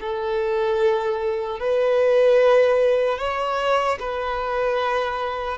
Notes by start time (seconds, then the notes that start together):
0.00 A4
1.59 B4
3.18 C#5
3.99 B4